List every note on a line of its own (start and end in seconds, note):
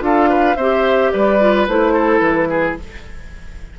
0.00 0.56 D4
0.00 0.55 F4
0.00 0.30 A4
0.00 0.56 F5
0.30 0.57 B4
0.56 1.12 C4
0.56 1.40 G4
0.56 1.12 C5
0.56 1.11 E5
1.12 1.68 G3
1.12 1.94 B4
1.12 1.67 D5
1.40 1.68 F4
1.68 2.21 A3
1.68 2.79 E4
1.68 2.19 C5
1.94 2.49 A4
2.19 2.76 E3
2.19 2.74 B4
2.50 2.78 G#4